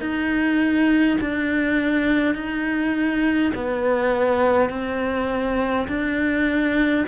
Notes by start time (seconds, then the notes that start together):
0.00 D#4
1.20 D4
2.34 D#4
3.55 B3
4.70 C4
5.88 D4